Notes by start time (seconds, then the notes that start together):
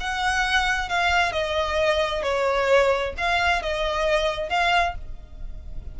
0.00 F#5
0.89 F5
1.32 D#5
2.23 C#5
3.17 F5
3.62 D#5
4.49 F5